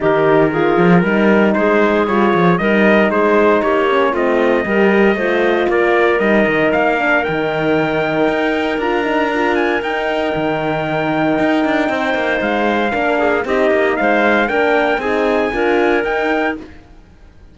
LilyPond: <<
  \new Staff \with { instrumentName = "trumpet" } { \time 4/4 \tempo 4 = 116 ais'2. c''4 | cis''4 dis''4 c''4 cis''4 | dis''2. d''4 | dis''4 f''4 g''2~ |
g''4 ais''4. gis''8 g''4~ | g''1 | f''2 dis''4 f''4 | g''4 gis''2 g''4 | }
  \new Staff \with { instrumentName = "clarinet" } { \time 4/4 g'4 gis'4 ais'4 gis'4~ | gis'4 ais'4 gis'4 g'4 | f'4 ais'4 c''4 ais'4~ | ais'1~ |
ais'1~ | ais'2. c''4~ | c''4 ais'8 gis'8 g'4 c''4 | ais'4 gis'4 ais'2 | }
  \new Staff \with { instrumentName = "horn" } { \time 4/4 dis'4 f'4 dis'2 | f'4 dis'2~ dis'8 cis'8 | c'4 g'4 f'2 | dis'4. d'8 dis'2~ |
dis'4 f'8 dis'8 f'4 dis'4~ | dis'1~ | dis'4 d'4 dis'2 | d'4 dis'4 f'4 dis'4 | }
  \new Staff \with { instrumentName = "cello" } { \time 4/4 dis4. f8 g4 gis4 | g8 f8 g4 gis4 ais4 | a4 g4 a4 ais4 | g8 dis8 ais4 dis2 |
dis'4 d'2 dis'4 | dis2 dis'8 d'8 c'8 ais8 | gis4 ais4 c'8 ais8 gis4 | ais4 c'4 d'4 dis'4 | }
>>